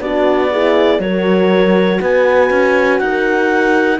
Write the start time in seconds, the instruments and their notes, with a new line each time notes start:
0.00 cello B3, horn D4 F#4, clarinet D5
0.51 horn E4 G#4
0.99 cello F#3, horn F#4 A#4, clarinet C#5
2.01 cello B3, horn B4, clarinet G#5
2.50 cello C#4
2.99 cello D#4, horn A#4, clarinet F#5